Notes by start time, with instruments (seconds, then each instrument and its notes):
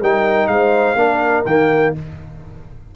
0.00 tuba G3, trombone D#4, horn A#4, trumpet G5
0.47 tuba G#3, horn C5, trumpet F5
0.95 tuba A#3, trombone D4, horn A#4
1.45 tuba D#3, trombone A#3, trumpet G5